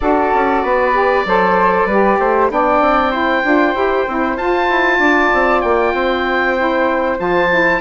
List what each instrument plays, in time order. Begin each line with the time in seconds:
0.00 bassoon D4, saxophone F#4, flute A4, oboe D5
0.34 bassoon C#4
0.63 bassoon B3, flute B4
0.93 saxophone G4
1.25 bassoon F#3, saxophone A4, flute C5
1.85 bassoon G3, saxophone G4, flute B4
2.19 bassoon A3, flute C5
2.49 bassoon B3, saxophone D4, flute D5, oboe G5
2.80 bassoon C4
3.11 saxophone E4, flute C5
3.43 bassoon D4, saxophone F4
3.74 bassoon E4, saxophone G4
4.07 bassoon C4, saxophone E4
4.36 bassoon F4, saxophone F4, oboe A5
4.69 bassoon E4
4.98 bassoon D4, flute D5
5.33 bassoon C4
5.61 bassoon A#3, oboe G5
5.93 bassoon C4, flute C5
6.57 saxophone E4
7.17 bassoon F3, saxophone F4, oboe A5
7.49 saxophone E4